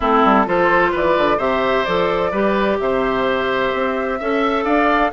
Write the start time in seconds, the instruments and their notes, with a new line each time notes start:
0.00 bassoon A3, clarinet C4, oboe E4, flute A4
0.24 bassoon G3
0.46 bassoon F3, clarinet F4, oboe A4, flute C5
0.91 bassoon E3, oboe B4, flute D5
1.17 bassoon D3
1.37 bassoon C3, clarinet G4, oboe C5, flute E5
1.84 bassoon F3, clarinet A4, flute D5
2.31 bassoon G3, clarinet G4, oboe B4
2.79 bassoon C3, oboe C5, flute E5
3.73 bassoon C4
4.19 bassoon C#4, clarinet A4, oboe E5
4.64 bassoon D4, oboe D5, flute F5